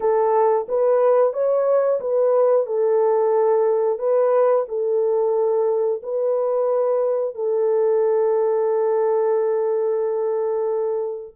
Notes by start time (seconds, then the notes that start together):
0.00 A4
0.68 B4
1.33 C#5
2.00 B4
2.66 A4
3.98 B4
4.68 A4
6.02 B4
7.35 A4